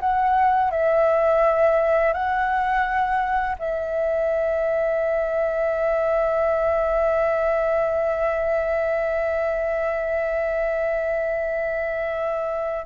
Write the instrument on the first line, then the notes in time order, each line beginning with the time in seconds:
flute
0.00 F#5
0.71 E5
2.13 F#5
3.59 E5